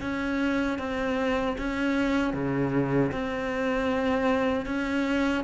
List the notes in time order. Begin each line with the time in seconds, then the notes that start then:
0.00 C#4
0.78 C4
1.58 C#4
2.33 C#3
3.12 C4
4.65 C#4